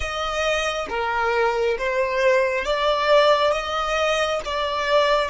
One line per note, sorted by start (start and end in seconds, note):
0.00 0.87 D#5
0.89 1.77 A#4
1.78 2.65 C5
2.65 3.52 D5
3.52 4.40 D#5
4.45 5.29 D5